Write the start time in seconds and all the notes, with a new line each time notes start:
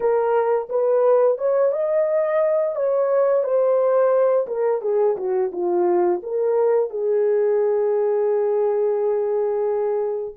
0.00 A#4
0.69 B4
1.38 C#5
1.72 D#5
2.75 C#5
3.43 C5
4.47 A#4
4.81 G#4
5.16 F#4
5.52 F4
6.23 A#4
6.90 G#4